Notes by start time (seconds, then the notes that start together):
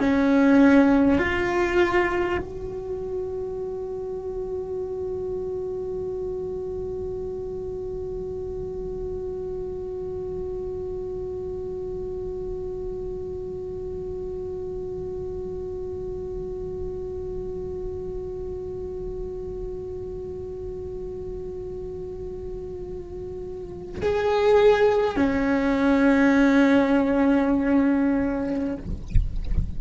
0.00 C#4
1.18 F4
2.42 F#4
24.02 G#4
25.17 C#4